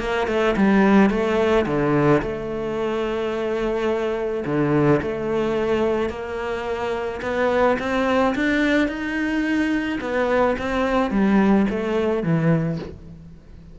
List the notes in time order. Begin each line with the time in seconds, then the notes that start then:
0.00 A#3
0.28 A3
0.57 G3
1.10 A3
1.66 D3
2.22 A3
4.46 D3
5.02 A3
6.10 A#3
7.22 B3
7.80 C4
8.35 D4
8.88 D#4
10.01 B3
10.59 C4
11.11 G3
11.70 A3
12.24 E3